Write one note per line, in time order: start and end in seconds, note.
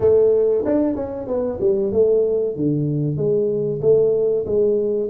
0.00 0.64 A3
0.65 0.95 D4
0.95 1.27 C#4
1.27 1.59 B3
1.60 1.91 G3
1.91 2.55 A3
2.56 3.16 D3
3.16 3.80 G#3
3.82 4.45 A3
4.46 5.09 G#3